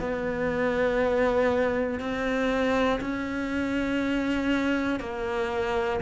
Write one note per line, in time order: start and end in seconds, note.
0.00 2.00 B3
2.00 3.00 C4
3.01 5.00 C#4
5.00 6.00 A#3